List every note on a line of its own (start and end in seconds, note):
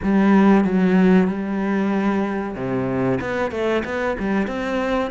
0.02 0.64 G3
0.64 1.27 F#3
1.27 2.55 G3
2.55 3.19 C3
3.20 3.51 B3
3.51 3.83 A3
3.84 4.16 B3
4.19 4.47 G3
4.47 5.10 C4